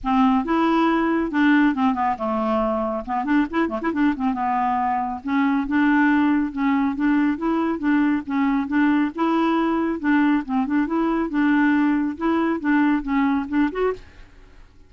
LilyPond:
\new Staff \with { instrumentName = "clarinet" } { \time 4/4 \tempo 4 = 138 c'4 e'2 d'4 | c'8 b8 a2 b8 d'8 | e'8 a16 e'16 d'8 c'8 b2 | cis'4 d'2 cis'4 |
d'4 e'4 d'4 cis'4 | d'4 e'2 d'4 | c'8 d'8 e'4 d'2 | e'4 d'4 cis'4 d'8 fis'8 | }